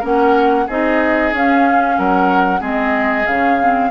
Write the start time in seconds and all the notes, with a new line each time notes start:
0.00 A#3 C#4 A#4 F#5
0.67 C4 D#4 G#4 D#5
1.33 C#4 F5
1.99 F#3 A#4 F#5
2.60 G#3 C4 G#4 D#5
3.27 C#3 C#4 F5
3.61 C4